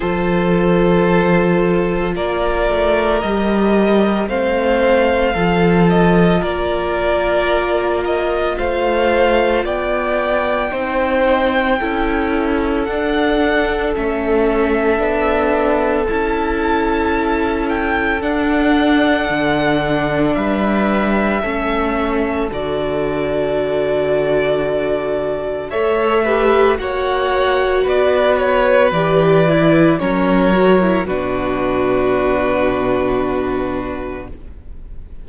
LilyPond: <<
  \new Staff \with { instrumentName = "violin" } { \time 4/4 \tempo 4 = 56 c''2 d''4 dis''4 | f''4. dis''8 d''4. dis''8 | f''4 g''2. | fis''4 e''2 a''4~ |
a''8 g''8 fis''2 e''4~ | e''4 d''2. | e''4 fis''4 d''8 cis''8 d''4 | cis''4 b'2. | }
  \new Staff \with { instrumentName = "violin" } { \time 4/4 a'2 ais'2 | c''4 a'4 ais'2 | c''4 d''4 c''4 a'4~ | a'1~ |
a'2. b'4 | a'1 | cis''8 b'8 cis''4 b'2 | ais'4 fis'2. | }
  \new Staff \with { instrumentName = "viola" } { \time 4/4 f'2. g'4 | c'4 f'2.~ | f'2 dis'4 e'4 | d'4 cis'4 d'4 e'4~ |
e'4 d'2. | cis'4 fis'2. | a'8 g'8 fis'2 g'8 e'8 | cis'8 fis'16 e'16 d'2. | }
  \new Staff \with { instrumentName = "cello" } { \time 4/4 f2 ais8 a8 g4 | a4 f4 ais2 | a4 b4 c'4 cis'4 | d'4 a4 b4 cis'4~ |
cis'4 d'4 d4 g4 | a4 d2. | a4 ais4 b4 e4 | fis4 b,2. | }
>>